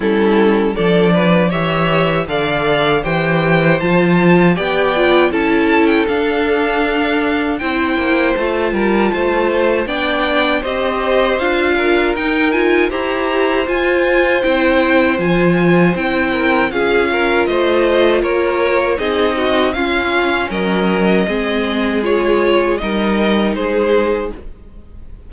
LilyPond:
<<
  \new Staff \with { instrumentName = "violin" } { \time 4/4 \tempo 4 = 79 a'4 d''4 e''4 f''4 | g''4 a''4 g''4 a''8. g''16 | f''2 g''4 a''4~ | a''4 g''4 dis''4 f''4 |
g''8 gis''8 ais''4 gis''4 g''4 | gis''4 g''4 f''4 dis''4 | cis''4 dis''4 f''4 dis''4~ | dis''4 cis''4 dis''4 c''4 | }
  \new Staff \with { instrumentName = "violin" } { \time 4/4 e'4 a'8 b'8 cis''4 d''4 | c''2 d''4 a'4~ | a'2 c''4. ais'8 | c''4 d''4 c''4. ais'8~ |
ais'4 c''2.~ | c''4. ais'8 gis'8 ais'8 c''4 | ais'4 gis'8 fis'8 f'4 ais'4 | gis'2 ais'4 gis'4 | }
  \new Staff \with { instrumentName = "viola" } { \time 4/4 cis'4 d'4 g'4 a'4 | g'4 f'4 g'8 f'8 e'4 | d'2 e'4 f'4~ | f'4 d'4 g'4 f'4 |
dis'8 f'8 g'4 f'4 e'4 | f'4 e'4 f'2~ | f'4 dis'4 cis'2 | c'4 f'4 dis'2 | }
  \new Staff \with { instrumentName = "cello" } { \time 4/4 g4 f4 e4 d4 | e4 f4 b4 cis'4 | d'2 c'8 ais8 a8 g8 | a4 b4 c'4 d'4 |
dis'4 e'4 f'4 c'4 | f4 c'4 cis'4 a4 | ais4 c'4 cis'4 fis4 | gis2 g4 gis4 | }
>>